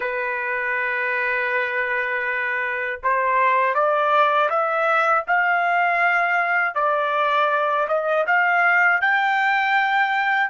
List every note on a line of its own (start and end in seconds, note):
0.00 3.00 B4
3.03 3.74 C5
3.74 4.49 D5
4.49 5.24 E5
5.27 6.74 F5
6.74 7.87 D5
7.88 8.25 D#5
8.26 9.01 F5
9.01 10.50 G5